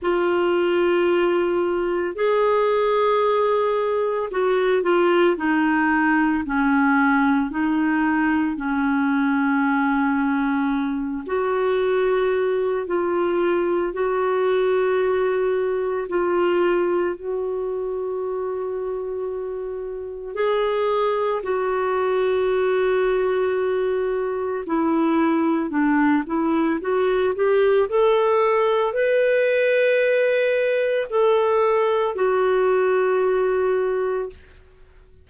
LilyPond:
\new Staff \with { instrumentName = "clarinet" } { \time 4/4 \tempo 4 = 56 f'2 gis'2 | fis'8 f'8 dis'4 cis'4 dis'4 | cis'2~ cis'8 fis'4. | f'4 fis'2 f'4 |
fis'2. gis'4 | fis'2. e'4 | d'8 e'8 fis'8 g'8 a'4 b'4~ | b'4 a'4 fis'2 | }